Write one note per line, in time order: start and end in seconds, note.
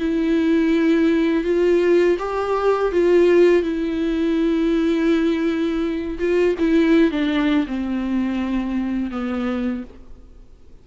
0.00 1.44 E4
1.44 2.18 F4
2.19 2.92 G4
2.92 3.63 F4
3.63 6.19 E4
6.19 6.56 F4
6.59 7.11 E4
7.11 7.66 D4
7.67 9.11 C4
9.11 9.84 B3